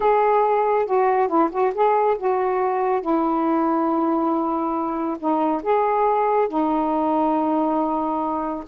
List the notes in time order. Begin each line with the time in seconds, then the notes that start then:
0.00 G#4
0.86 F#4
1.28 E4
1.51 F#4
1.74 G#4
2.18 F#4
3.01 E4
5.19 D#4
5.62 G#4
6.48 D#4